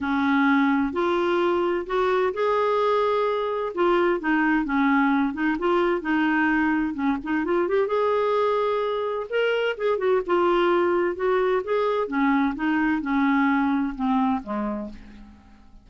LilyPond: \new Staff \with { instrumentName = "clarinet" } { \time 4/4 \tempo 4 = 129 cis'2 f'2 | fis'4 gis'2. | f'4 dis'4 cis'4. dis'8 | f'4 dis'2 cis'8 dis'8 |
f'8 g'8 gis'2. | ais'4 gis'8 fis'8 f'2 | fis'4 gis'4 cis'4 dis'4 | cis'2 c'4 gis4 | }